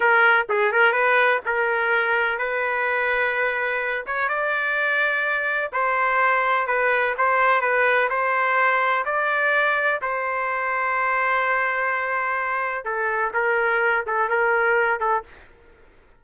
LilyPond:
\new Staff \with { instrumentName = "trumpet" } { \time 4/4 \tempo 4 = 126 ais'4 gis'8 ais'8 b'4 ais'4~ | ais'4 b'2.~ | b'8 cis''8 d''2. | c''2 b'4 c''4 |
b'4 c''2 d''4~ | d''4 c''2.~ | c''2. a'4 | ais'4. a'8 ais'4. a'8 | }